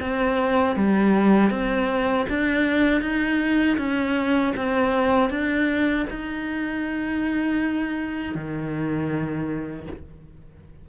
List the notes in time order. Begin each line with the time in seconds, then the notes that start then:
0.00 C4
0.76 G3
1.51 C4
2.29 D4
3.01 D#4
3.78 C#4
4.56 C4
5.30 D4
6.10 D#4
8.35 D#3